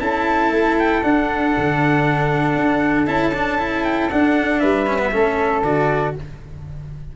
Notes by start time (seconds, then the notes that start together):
0.00 C#4 E4 A4 A5
0.51 A3
0.79 G5
1.03 D4 F#5
1.58 D3
2.56 D4
3.07 C#4 E4 A5
3.34 D4
3.58 E4
3.84 G5
4.10 D4 F#5
4.60 G3 B4 E5
4.87 C#4
4.99 B3
5.12 A3 C#4 A4
5.63 D3 F#4 D5